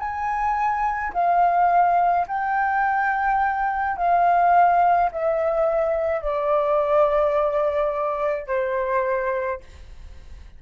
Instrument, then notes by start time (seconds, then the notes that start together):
flute
0.00 G#5
1.14 F5
2.27 G5
3.97 F5
5.12 E5
6.22 D5
8.47 C5